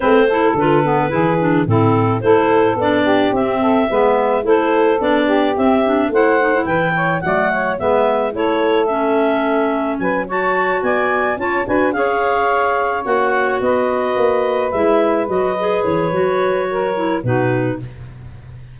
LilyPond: <<
  \new Staff \with { instrumentName = "clarinet" } { \time 4/4 \tempo 4 = 108 c''4 b'2 a'4 | c''4 d''4 e''2 | c''4 d''4 e''4 fis''4 | g''4 fis''4 e''4 cis''4 |
e''2 gis''8 a''4 gis''8~ | gis''8 a''8 gis''8 f''2 fis''8~ | fis''8 dis''2 e''4 dis''8~ | dis''8 cis''2~ cis''8 b'4 | }
  \new Staff \with { instrumentName = "saxophone" } { \time 4/4 b'8 a'4. gis'4 e'4 | a'4. g'4 a'8 b'4 | a'4. g'4. c''4 | b'8 cis''8 d''8 cis''8 b'4 a'4~ |
a'2 b'8 cis''4 d''8~ | d''8 cis''8 b'8 cis''2~ cis''8~ | cis''8 b'2.~ b'8~ | b'2 ais'4 fis'4 | }
  \new Staff \with { instrumentName = "clarinet" } { \time 4/4 c'8 e'8 f'8 b8 e'8 d'8 c'4 | e'4 d'4 c'4 b4 | e'4 d'4 c'8 d'8 e'8 dis'16 e'16~ | e'4 a4 b4 e'4 |
cis'2~ cis'8 fis'4.~ | fis'8 f'8 fis'8 gis'2 fis'8~ | fis'2~ fis'8 e'4 fis'8 | gis'4 fis'4. e'8 dis'4 | }
  \new Staff \with { instrumentName = "tuba" } { \time 4/4 a4 d4 e4 a,4 | a4 b4 c'4 gis4 | a4 b4 c'4 a4 | e4 fis4 gis4 a4~ |
a2 fis4. b8~ | b8 cis'8 d'8 cis'2 ais8~ | ais8 b4 ais4 gis4 fis8~ | fis8 e8 fis2 b,4 | }
>>